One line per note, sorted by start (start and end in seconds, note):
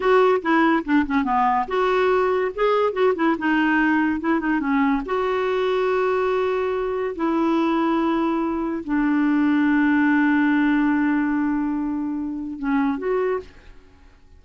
0.00 0.41 F#4
0.41 0.83 E4
0.84 1.05 D4
1.06 1.24 C#4
1.24 1.66 B3
1.67 2.51 F#4
2.54 2.92 G#4
2.92 3.13 F#4
3.15 3.36 E4
3.38 4.20 D#4
4.20 4.40 E4
4.40 4.60 D#4
4.60 5.02 C#4
5.05 7.15 F#4
7.15 8.83 E4
8.83 12.58 D4
12.58 12.98 C#4
12.98 13.40 F#4